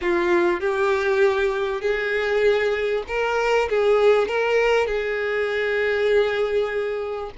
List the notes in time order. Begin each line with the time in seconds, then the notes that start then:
0.01 F4
0.60 G4
1.81 G#4
3.07 A#4
3.69 G#4
4.27 A#4
4.86 G#4